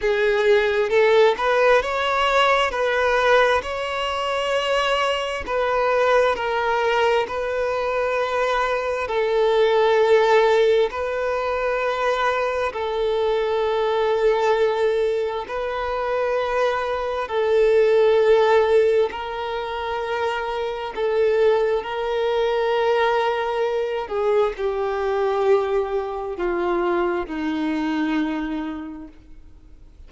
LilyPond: \new Staff \with { instrumentName = "violin" } { \time 4/4 \tempo 4 = 66 gis'4 a'8 b'8 cis''4 b'4 | cis''2 b'4 ais'4 | b'2 a'2 | b'2 a'2~ |
a'4 b'2 a'4~ | a'4 ais'2 a'4 | ais'2~ ais'8 gis'8 g'4~ | g'4 f'4 dis'2 | }